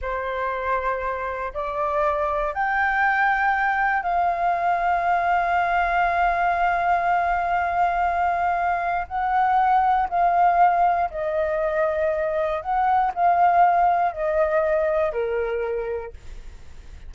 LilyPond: \new Staff \with { instrumentName = "flute" } { \time 4/4 \tempo 4 = 119 c''2. d''4~ | d''4 g''2. | f''1~ | f''1~ |
f''2 fis''2 | f''2 dis''2~ | dis''4 fis''4 f''2 | dis''2 ais'2 | }